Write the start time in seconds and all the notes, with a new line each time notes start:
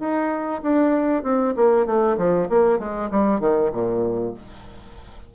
0.00 D#4
0.63 D4
1.23 C4
1.56 A#3
1.86 A3
2.18 F3
2.50 A#3
2.79 G#3
3.11 G3
3.40 D#3
3.73 A#2